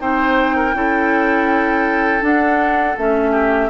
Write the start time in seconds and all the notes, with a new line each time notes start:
0.00 C4 D#4 C5 G5
0.57 A#4
0.74 C#4 E4 A4
2.21 D4 F#5
2.98 A3 C#4 E5
3.32 G4